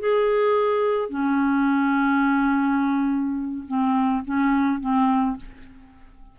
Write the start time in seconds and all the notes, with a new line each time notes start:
0.00 G#4
1.10 C#4
3.68 C4
4.25 C#4
4.81 C4